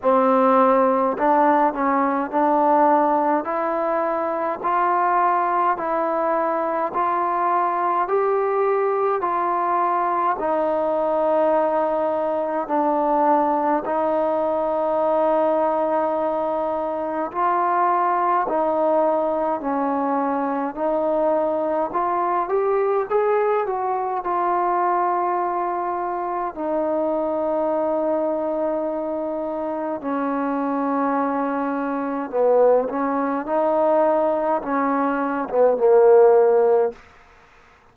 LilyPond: \new Staff \with { instrumentName = "trombone" } { \time 4/4 \tempo 4 = 52 c'4 d'8 cis'8 d'4 e'4 | f'4 e'4 f'4 g'4 | f'4 dis'2 d'4 | dis'2. f'4 |
dis'4 cis'4 dis'4 f'8 g'8 | gis'8 fis'8 f'2 dis'4~ | dis'2 cis'2 | b8 cis'8 dis'4 cis'8. b16 ais4 | }